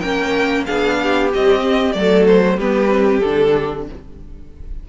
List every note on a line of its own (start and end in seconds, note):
0.00 0.67 A#3
0.00 0.66 C#4
0.00 0.65 A#4
0.00 0.64 G5
0.66 1.34 B3
0.66 1.31 D4
0.66 0.98 G#4
0.66 1.30 F5
1.02 1.96 G4
1.33 1.60 G3
1.33 1.95 C4
1.33 1.92 D#5
1.60 1.91 C4
1.92 2.58 F#3
1.92 2.59 A3
1.92 2.57 A4
1.92 2.24 D5
2.27 2.59 C5
2.57 3.22 G3
2.57 2.89 B3
2.57 3.85 G4
2.57 3.20 B4
2.89 3.20 C4
3.20 3.89 D3
3.20 3.88 D4
3.20 3.83 A4